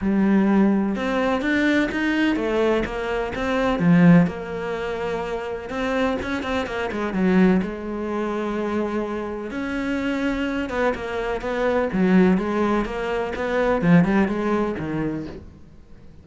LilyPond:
\new Staff \with { instrumentName = "cello" } { \time 4/4 \tempo 4 = 126 g2 c'4 d'4 | dis'4 a4 ais4 c'4 | f4 ais2. | c'4 cis'8 c'8 ais8 gis8 fis4 |
gis1 | cis'2~ cis'8 b8 ais4 | b4 fis4 gis4 ais4 | b4 f8 g8 gis4 dis4 | }